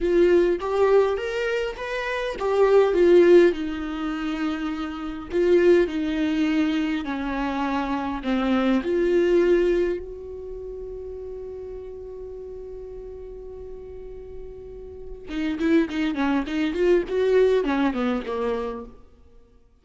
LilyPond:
\new Staff \with { instrumentName = "viola" } { \time 4/4 \tempo 4 = 102 f'4 g'4 ais'4 b'4 | g'4 f'4 dis'2~ | dis'4 f'4 dis'2 | cis'2 c'4 f'4~ |
f'4 fis'2.~ | fis'1~ | fis'2 dis'8 e'8 dis'8 cis'8 | dis'8 f'8 fis'4 cis'8 b8 ais4 | }